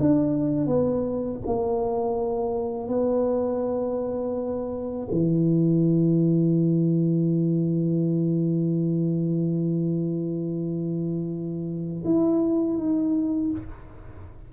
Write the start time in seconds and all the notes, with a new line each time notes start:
0.00 D4
0.67 B3
1.46 A#3
2.88 B3
5.11 E3
12.05 E4
12.77 D#4